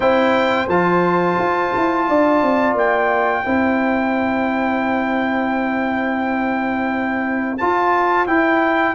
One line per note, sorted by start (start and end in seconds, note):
0.00 0.68 C4
0.00 0.67 E4
0.00 2.06 C5
0.00 0.67 G5
0.68 1.37 F3
0.68 3.44 F4
0.68 2.76 A5
1.38 1.73 F4
1.75 2.08 E4
2.07 2.42 D4
2.07 3.43 D5
2.42 2.74 C4
2.74 3.43 A#3
2.74 7.57 G5
3.43 7.59 C4
3.43 7.58 E4
3.43 8.95 C5
7.57 8.27 F4
7.57 8.26 A5
8.27 8.95 E4
8.27 8.95 G5